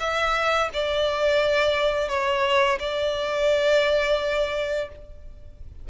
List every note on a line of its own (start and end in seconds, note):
0.00 0.70 E5
0.74 2.09 D5
2.09 2.79 C#5
2.80 4.89 D5